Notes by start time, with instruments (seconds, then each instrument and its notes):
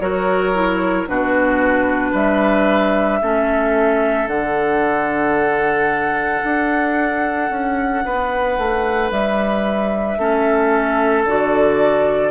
0.00 bassoon F#3, clarinet F#4, oboe A#4, flute C#5
0.54 clarinet E4
1.07 bassoon B2, clarinet D4, oboe F#4, flute B4
2.11 bassoon G3, oboe B4, flute E5
3.22 bassoon A3, clarinet C#4, oboe A4
4.27 bassoon D3, clarinet D4, flute F#5
6.44 bassoon D4
7.50 bassoon C#4
8.05 bassoon B3, oboe B4
8.58 bassoon A3
9.10 bassoon G3, flute E5
10.18 bassoon A3, clarinet C#4, oboe A4
11.25 bassoon D3, clarinet F#4, flute D5